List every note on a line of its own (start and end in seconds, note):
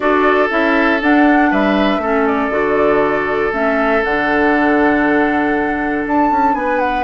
0.00 0.49 D4
0.00 0.49 F#4
0.00 1.51 A4
0.00 0.49 D5
0.49 1.01 C#4
0.49 0.99 E4
0.49 1.01 E5
1.01 1.51 D4
1.01 2.02 D4
1.01 1.52 F#5
1.51 1.98 G3
1.51 2.01 B4
1.51 2.26 E5
1.98 2.48 A3
1.98 2.51 C#4
1.98 6.55 A4
2.26 3.52 D5
2.50 3.51 D3
2.50 3.52 F#4
3.52 4.02 A3
3.52 4.02 C#4
3.52 4.03 E5
4.04 6.06 D3
4.04 7.04 D4
4.04 6.05 F#5
6.06 6.31 D4
6.06 6.54 A5
6.31 6.54 C#4
6.54 7.04 B3
6.54 7.04 B4
6.54 6.79 G#5
6.79 7.04 F#5